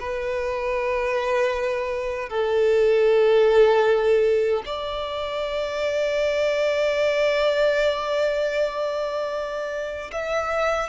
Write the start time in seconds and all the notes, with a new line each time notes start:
0.00 B4
2.30 A4
4.66 D5
10.12 E5